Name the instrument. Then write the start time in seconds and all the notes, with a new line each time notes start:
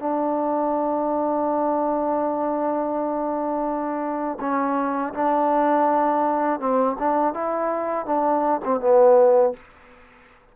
trombone
0.00 D4
4.41 C#4
5.14 D4
6.60 C4
6.99 D4
7.34 E4
8.06 D4
8.65 C4
8.81 B3